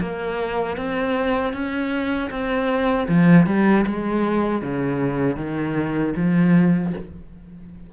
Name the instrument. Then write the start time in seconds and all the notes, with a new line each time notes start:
cello
0.00 A#3
0.77 C4
1.53 C#4
2.30 C4
3.08 F3
3.46 G3
3.86 G#3
4.62 C#3
5.36 D#3
6.16 F3